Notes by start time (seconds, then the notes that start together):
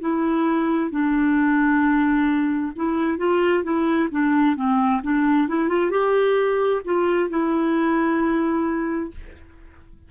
0.00 E4
0.90 D4
2.76 E4
3.18 F4
3.63 E4
4.11 D4
4.56 C4
5.02 D4
5.48 E4
5.68 F4
5.90 G4
6.84 F4
7.29 E4